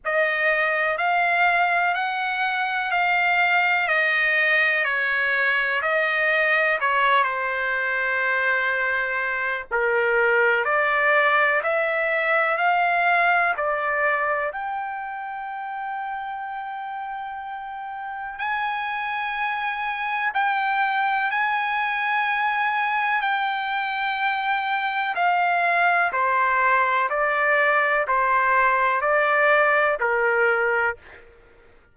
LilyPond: \new Staff \with { instrumentName = "trumpet" } { \time 4/4 \tempo 4 = 62 dis''4 f''4 fis''4 f''4 | dis''4 cis''4 dis''4 cis''8 c''8~ | c''2 ais'4 d''4 | e''4 f''4 d''4 g''4~ |
g''2. gis''4~ | gis''4 g''4 gis''2 | g''2 f''4 c''4 | d''4 c''4 d''4 ais'4 | }